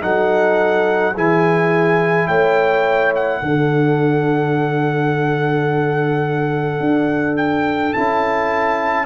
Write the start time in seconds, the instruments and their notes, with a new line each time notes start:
0.00 tuba F#3, trombone D#4, horn A4, trumpet F#5
1.14 tuba E3, trombone E4, horn G#4, trumpet G#5
2.27 tuba A3, horn C#5, trumpet G5
3.15 trumpet F#5
3.42 tuba D3, trombone D4, horn A4
6.80 tuba D4
7.37 trumpet G5
7.93 tuba C#4, trombone E4, trumpet A5